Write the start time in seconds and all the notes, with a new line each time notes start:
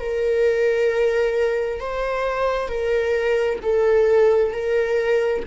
0.00 A#4
1.81 C5
2.69 A#4
3.63 A4
4.52 A#4